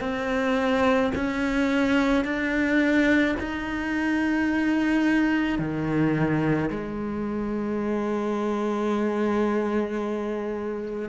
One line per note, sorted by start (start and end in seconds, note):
0.00 1.11 C4
1.15 2.25 C#4
2.25 3.36 D4
3.39 5.59 D#4
5.59 6.70 D#3
6.70 11.09 G#3